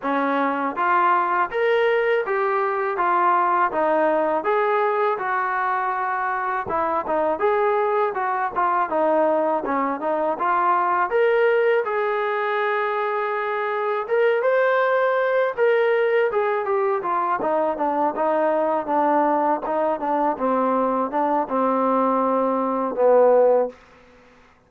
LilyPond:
\new Staff \with { instrumentName = "trombone" } { \time 4/4 \tempo 4 = 81 cis'4 f'4 ais'4 g'4 | f'4 dis'4 gis'4 fis'4~ | fis'4 e'8 dis'8 gis'4 fis'8 f'8 | dis'4 cis'8 dis'8 f'4 ais'4 |
gis'2. ais'8 c''8~ | c''4 ais'4 gis'8 g'8 f'8 dis'8 | d'8 dis'4 d'4 dis'8 d'8 c'8~ | c'8 d'8 c'2 b4 | }